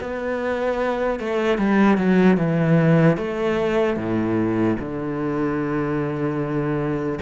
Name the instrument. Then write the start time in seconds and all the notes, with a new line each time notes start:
cello
0.00 B3
1.20 A3
1.58 G3
1.97 F#3
2.37 E3
3.17 A3
3.96 A2
4.79 D3